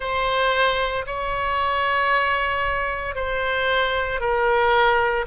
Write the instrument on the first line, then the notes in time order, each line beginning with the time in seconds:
oboe
0.00 C5
1.06 C#5
3.15 C5
4.20 A#4